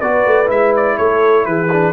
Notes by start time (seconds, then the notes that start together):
0.00 B3 F#4 B4 D5
0.25 A3
0.46 G#3 E4 E5
0.76 D5
0.97 A3 A4 C#5
1.45 E3 G#4 B4
1.72 D4